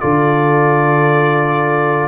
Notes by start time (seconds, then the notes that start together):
0.00 D3 F4 A4 D5